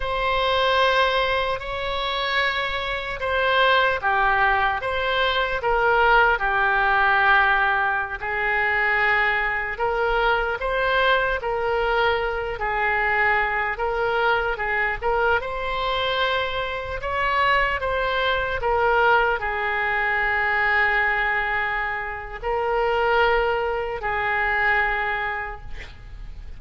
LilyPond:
\new Staff \with { instrumentName = "oboe" } { \time 4/4 \tempo 4 = 75 c''2 cis''2 | c''4 g'4 c''4 ais'4 | g'2~ g'16 gis'4.~ gis'16~ | gis'16 ais'4 c''4 ais'4. gis'16~ |
gis'4~ gis'16 ais'4 gis'8 ais'8 c''8.~ | c''4~ c''16 cis''4 c''4 ais'8.~ | ais'16 gis'2.~ gis'8. | ais'2 gis'2 | }